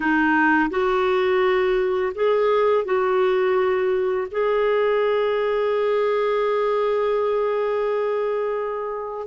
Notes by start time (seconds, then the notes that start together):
0.00 D#4
0.69 F#4
2.14 G#4
2.84 F#4
4.31 G#4